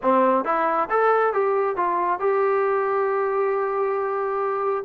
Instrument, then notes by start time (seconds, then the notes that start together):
trombone
0.02 C4
0.44 E4
0.90 A4
1.33 G4
1.76 F4
2.19 G4